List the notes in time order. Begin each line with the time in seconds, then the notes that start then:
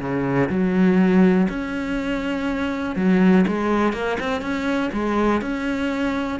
0.00 C#3
0.49 F#3
1.49 C#4
2.96 F#3
3.47 G#3
3.93 A#3
4.20 C4
4.42 C#4
4.93 G#3
5.42 C#4